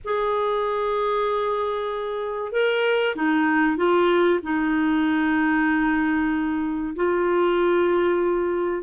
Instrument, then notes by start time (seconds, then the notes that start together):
clarinet
0.04 G#4
2.52 A#4
3.15 D#4
3.76 F4
4.42 D#4
6.95 F4